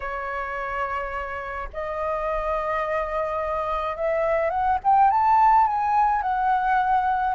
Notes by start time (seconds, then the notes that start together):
0.00 C#5
1.73 D#5
3.96 E5
4.50 F#5
4.83 G5
5.10 A5
5.67 G#5
6.22 F#5